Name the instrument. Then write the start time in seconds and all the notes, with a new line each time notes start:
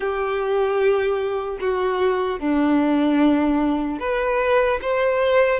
violin
0.00 G4
1.60 F#4
2.39 D4
3.99 B4
4.81 C5